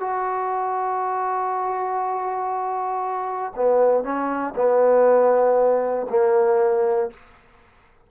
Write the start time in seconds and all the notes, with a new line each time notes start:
0.00 F#4
3.56 B3
4.04 C#4
4.56 B3
6.10 A#3